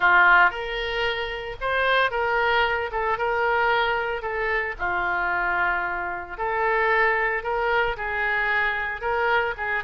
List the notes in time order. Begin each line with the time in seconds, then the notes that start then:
0.00 F4
0.50 A#4
1.60 C5
2.10 A#4
2.91 A4
3.18 A#4
4.21 A4
4.79 F4
6.37 A4
7.43 A#4
7.96 G#4
9.01 A#4
9.57 G#4